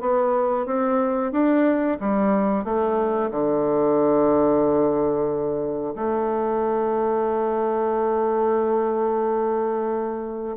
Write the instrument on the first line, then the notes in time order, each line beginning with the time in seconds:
bassoon
0.00 B3
0.66 C4
1.32 D4
2.00 G3
2.64 A3
3.31 D3
5.95 A3